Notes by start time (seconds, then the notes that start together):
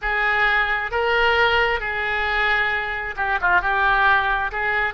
0.01 G#4
0.91 A#4
1.80 G#4
3.16 G4
3.41 F4
3.61 G4
4.51 G#4